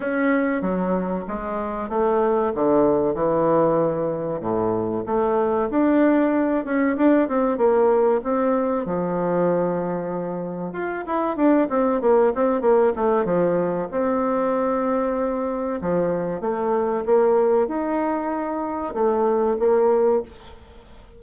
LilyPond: \new Staff \with { instrumentName = "bassoon" } { \time 4/4 \tempo 4 = 95 cis'4 fis4 gis4 a4 | d4 e2 a,4 | a4 d'4. cis'8 d'8 c'8 | ais4 c'4 f2~ |
f4 f'8 e'8 d'8 c'8 ais8 c'8 | ais8 a8 f4 c'2~ | c'4 f4 a4 ais4 | dis'2 a4 ais4 | }